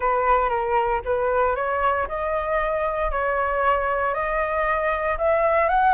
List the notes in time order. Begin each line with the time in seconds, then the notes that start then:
0.00 B4
0.49 A#4
1.05 B4
1.55 C#5
2.07 D#5
3.11 C#5
4.14 D#5
5.18 E5
5.68 F#5